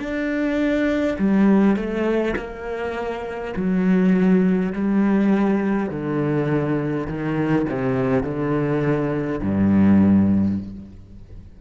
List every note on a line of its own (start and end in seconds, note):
0.00 1.18 D4
1.19 1.76 G3
1.76 2.35 A3
2.37 3.55 A#3
3.57 4.73 F#3
4.73 5.90 G3
5.90 7.07 D3
7.07 7.66 D#3
7.70 8.24 C3
8.24 9.41 D3
9.42 10.59 G2